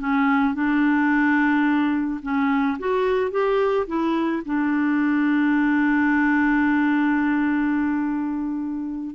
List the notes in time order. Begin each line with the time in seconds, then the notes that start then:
0.00 C#4
0.55 D4
2.23 C#4
2.80 F#4
3.32 G4
3.87 E4
4.46 D4